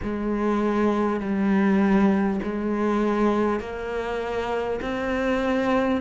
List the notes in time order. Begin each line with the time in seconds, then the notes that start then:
0.03 G#3
1.20 G3
2.42 G#3
3.60 A#3
4.81 C4